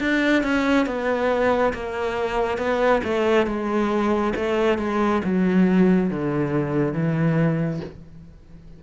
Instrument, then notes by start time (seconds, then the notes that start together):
cello
0.00 D4
0.43 C#4
0.86 B3
1.73 A#3
2.58 B3
3.04 A3
3.46 G#3
4.36 A3
4.78 G#3
5.24 F#3
6.10 D3
6.93 E3